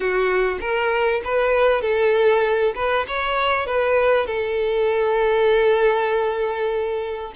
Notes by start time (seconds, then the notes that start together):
0.00 F#4
0.60 A#4
1.24 B4
1.81 A4
2.75 B4
3.07 C#5
3.66 B4
4.26 A4